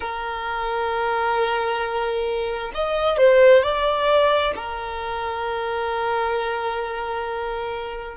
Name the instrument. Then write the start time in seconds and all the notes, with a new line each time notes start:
violin
0.00 A#4
2.74 D#5
3.17 C5
3.62 D5
4.55 A#4